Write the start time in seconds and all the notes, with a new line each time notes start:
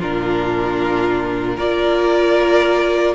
0.00 A#2 D4 F4 A#4
1.56 A#3 F4 A#4 D5